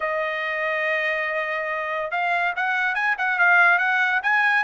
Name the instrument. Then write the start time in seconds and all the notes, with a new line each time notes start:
trumpet
0.00 D#5
2.11 F5
2.56 F#5
2.94 G#5
3.17 F#5
3.38 F5
3.78 F#5
4.23 G#5